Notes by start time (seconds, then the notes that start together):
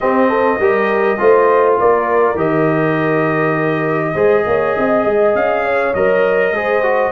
0.00 C4 G4 D#5
0.28 A4
0.59 G3 G4 A#4
1.18 A3 F4 C5
1.79 A#3 A#4 D5
2.35 D#3 G4 D#5
4.13 G#3 G#4 C5
4.46 A#3 C#5
4.77 C4 D#5
5.05 G#3
5.34 C#4 F5
5.64 C#5
5.93 F#3 A#4 D#5
6.51 G#3 G#4 C5
6.83 F#4